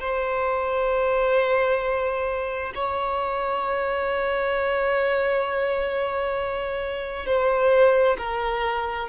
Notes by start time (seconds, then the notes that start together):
0.00 C5
2.75 C#5
7.26 C5
8.18 A#4